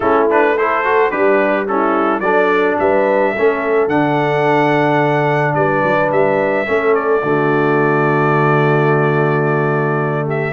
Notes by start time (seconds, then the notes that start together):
0.00 A3 C#4 E4 A4
0.29 D4 B4
0.57 E4 A4 C5
0.84 F#4
1.10 G3 D4 G4 B4
1.67 C#4 E4 A4
2.19 F#3 D4 A4 D5
2.79 G3 B4 E5
3.32 A3 C#4 A4
3.87 D3 D4 F#5
5.54 G3 B4 D5
5.83 F#3
6.11 G3 E5
6.66 A3 C#4 A4
6.94 D5
7.22 D3 A3 F#4
10.25 G4 E5